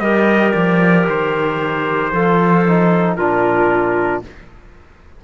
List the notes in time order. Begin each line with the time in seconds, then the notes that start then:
0.00 G3 G4 A#4 D#5
0.52 F3 D5
1.08 D#3 C5
2.12 F3 F4 A4
2.67 D#4
3.16 A#2 D4 F4 A#4